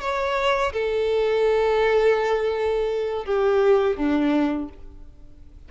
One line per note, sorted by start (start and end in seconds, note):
0.00 0.72 C#5
0.73 3.25 A4
3.25 3.97 G4
3.97 4.69 D4